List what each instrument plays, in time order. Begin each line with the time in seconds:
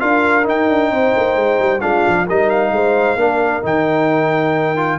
0.00 tuba D4, trombone F4, horn A#4, trumpet F5
0.43 trombone D#4, tuba D#4, trumpet G5
0.69 tuba D4
0.91 tuba C4, horn C5
1.16 tuba A#3
1.36 tuba G#3
1.59 tuba G3
1.81 tuba G#3, trombone D4, horn F4, trumpet F5
2.08 tuba F3
2.26 tuba G3, trombone D#4, horn A#4, trumpet D#5
2.50 trumpet F5
2.71 tuba G#3, horn C5
3.16 tuba A#3, trombone D4, horn A#4
3.63 tuba D#3, trombone D#4, trumpet G5
4.77 trombone F4